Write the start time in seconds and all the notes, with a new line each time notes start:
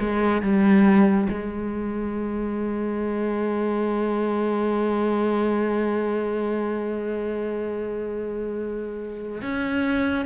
0.00 G#3
0.42 G3
1.29 G#3
9.42 C#4